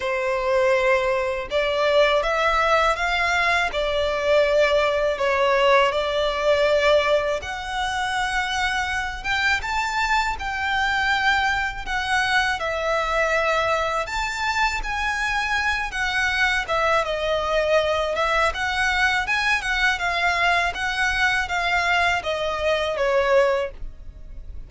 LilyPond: \new Staff \with { instrumentName = "violin" } { \time 4/4 \tempo 4 = 81 c''2 d''4 e''4 | f''4 d''2 cis''4 | d''2 fis''2~ | fis''8 g''8 a''4 g''2 |
fis''4 e''2 a''4 | gis''4. fis''4 e''8 dis''4~ | dis''8 e''8 fis''4 gis''8 fis''8 f''4 | fis''4 f''4 dis''4 cis''4 | }